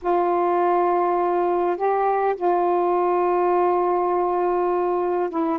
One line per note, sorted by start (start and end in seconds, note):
0.02 1.76 F4
1.76 2.35 G4
2.36 5.29 F4
5.29 5.58 E4